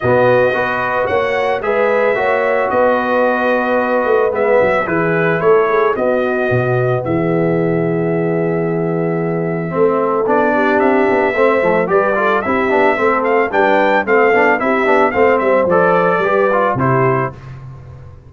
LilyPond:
<<
  \new Staff \with { instrumentName = "trumpet" } { \time 4/4 \tempo 4 = 111 dis''2 fis''4 e''4~ | e''4 dis''2. | e''4 b'4 cis''4 dis''4~ | dis''4 e''2.~ |
e''2. d''4 | e''2 d''4 e''4~ | e''8 f''8 g''4 f''4 e''4 | f''8 e''8 d''2 c''4 | }
  \new Staff \with { instrumentName = "horn" } { \time 4/4 fis'4 b'4 cis''4 b'4 | cis''4 b'2.~ | b'4 gis'4 a'8 gis'8 fis'4~ | fis'4 gis'2.~ |
gis'2 a'4. g'8~ | g'4 c''4 b'8 a'8 g'4 | a'4 b'4 a'4 g'4 | c''2 b'4 g'4 | }
  \new Staff \with { instrumentName = "trombone" } { \time 4/4 b4 fis'2 gis'4 | fis'1 | b4 e'2 b4~ | b1~ |
b2 c'4 d'4~ | d'4 c'8 a8 g'8 f'8 e'8 d'8 | c'4 d'4 c'8 d'8 e'8 d'8 | c'4 a'4 g'8 f'8 e'4 | }
  \new Staff \with { instrumentName = "tuba" } { \time 4/4 b,4 b4 ais4 gis4 | ais4 b2~ b8 a8 | gis8 fis8 e4 a4 b4 | b,4 e2.~ |
e2 a4 b4 | c'8 b8 a8 f8 g4 c'8 b8 | a4 g4 a8 b8 c'8 b8 | a8 g8 f4 g4 c4 | }
>>